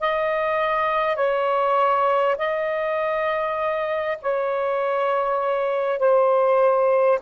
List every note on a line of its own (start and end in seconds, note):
0.00 1.16 D#5
1.16 2.36 C#5
2.38 4.18 D#5
4.22 5.99 C#5
5.99 7.19 C5